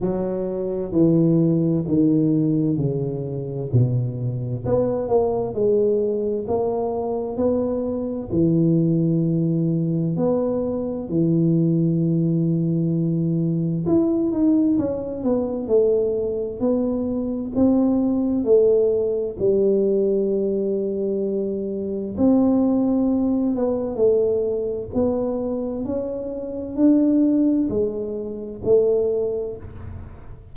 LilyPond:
\new Staff \with { instrumentName = "tuba" } { \time 4/4 \tempo 4 = 65 fis4 e4 dis4 cis4 | b,4 b8 ais8 gis4 ais4 | b4 e2 b4 | e2. e'8 dis'8 |
cis'8 b8 a4 b4 c'4 | a4 g2. | c'4. b8 a4 b4 | cis'4 d'4 gis4 a4 | }